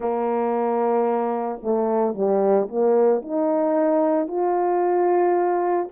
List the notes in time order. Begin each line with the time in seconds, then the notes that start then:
0.00 A#3
1.62 A3
2.14 G3
2.68 A#3
3.21 D#4
4.27 F4